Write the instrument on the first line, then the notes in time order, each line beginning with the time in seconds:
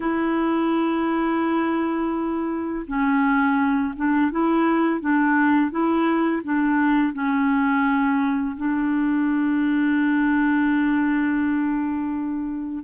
clarinet
0.00 E4
2.87 C#4
3.95 D4
4.31 E4
5.00 D4
5.70 E4
6.43 D4
7.13 C#4
8.56 D4